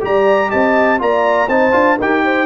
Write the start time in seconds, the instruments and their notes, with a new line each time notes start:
0.00 tuba G3, trombone G4, horn D5, trumpet A#5
0.49 tuba C4, horn D#5, trumpet A5
0.98 tuba A#3, trombone F4, horn D5, trumpet A#5
1.48 tuba C4, trombone D#4, horn C5, trumpet A5
1.72 tuba D4, trombone F4
1.97 tuba D#4, trombone G4, horn A#4, trumpet G5
2.24 horn C5